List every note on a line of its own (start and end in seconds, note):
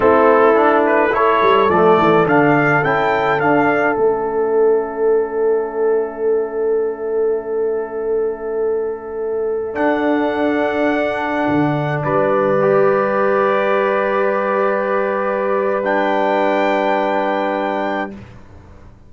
0.00 1.41 A3
0.00 0.54 C4
0.00 1.12 E4
0.00 0.83 A4
0.54 1.10 D4
0.86 1.14 B4
1.11 1.68 E4
1.11 12.03 A4
1.11 1.70 C#5
1.41 1.69 G3
1.69 1.97 F3
1.69 2.26 A3
1.69 2.26 D5
1.98 2.25 E3
2.25 2.82 D3
2.25 2.82 D4
2.25 2.84 F5
2.83 3.39 C#4
2.83 3.39 E4
2.83 3.40 G5
3.39 3.95 D4
3.39 3.96 D4
3.39 3.96 F5
3.95 9.76 A3
3.95 9.73 C#4
3.95 9.75 E5
9.73 12.56 D4
9.73 11.46 D4
9.73 12.01 F#5
11.48 12.04 D3
12.02 18.13 G3
12.02 18.11 B4
12.02 15.84 D5
12.61 15.84 G4
15.84 18.10 D4
15.84 18.10 G5